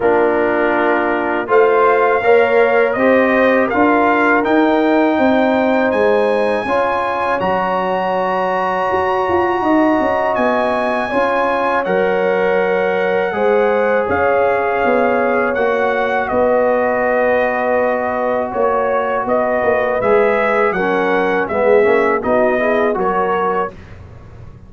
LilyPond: <<
  \new Staff \with { instrumentName = "trumpet" } { \time 4/4 \tempo 4 = 81 ais'2 f''2 | dis''4 f''4 g''2 | gis''2 ais''2~ | ais''2 gis''2 |
fis''2. f''4~ | f''4 fis''4 dis''2~ | dis''4 cis''4 dis''4 e''4 | fis''4 e''4 dis''4 cis''4 | }
  \new Staff \with { instrumentName = "horn" } { \time 4/4 f'2 c''4 cis''4 | c''4 ais'2 c''4~ | c''4 cis''2.~ | cis''4 dis''2 cis''4~ |
cis''2 c''4 cis''4~ | cis''2 b'2~ | b'4 cis''4 b'2 | ais'4 gis'4 fis'8 gis'8 ais'4 | }
  \new Staff \with { instrumentName = "trombone" } { \time 4/4 d'2 f'4 ais'4 | g'4 f'4 dis'2~ | dis'4 f'4 fis'2~ | fis'2. f'4 |
ais'2 gis'2~ | gis'4 fis'2.~ | fis'2. gis'4 | cis'4 b8 cis'8 dis'8 e'8 fis'4 | }
  \new Staff \with { instrumentName = "tuba" } { \time 4/4 ais2 a4 ais4 | c'4 d'4 dis'4 c'4 | gis4 cis'4 fis2 | fis'8 f'8 dis'8 cis'8 b4 cis'4 |
fis2 gis4 cis'4 | b4 ais4 b2~ | b4 ais4 b8 ais8 gis4 | fis4 gis8 ais8 b4 fis4 | }
>>